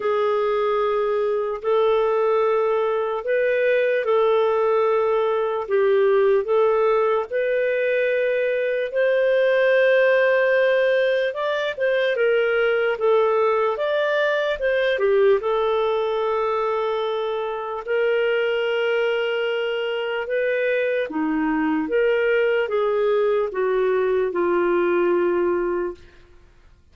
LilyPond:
\new Staff \with { instrumentName = "clarinet" } { \time 4/4 \tempo 4 = 74 gis'2 a'2 | b'4 a'2 g'4 | a'4 b'2 c''4~ | c''2 d''8 c''8 ais'4 |
a'4 d''4 c''8 g'8 a'4~ | a'2 ais'2~ | ais'4 b'4 dis'4 ais'4 | gis'4 fis'4 f'2 | }